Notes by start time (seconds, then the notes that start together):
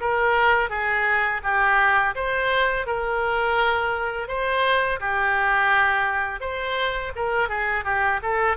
0.00 A#4
0.69 G#4
1.43 G4
2.15 C5
2.86 A#4
4.28 C5
5.00 G4
6.40 C5
7.15 A#4
7.49 G#4
7.84 G4
8.22 A4